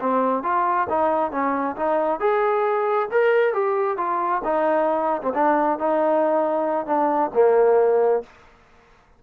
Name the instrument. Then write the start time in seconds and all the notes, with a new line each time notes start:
trombone
0.00 C4
0.43 F4
0.89 D#4
1.32 C#4
1.76 D#4
2.20 G#4
3.11 A#4
3.54 G4
3.97 F4
4.44 D#4
5.22 C4
5.34 D4
5.79 D#4
6.86 D4
7.34 A#3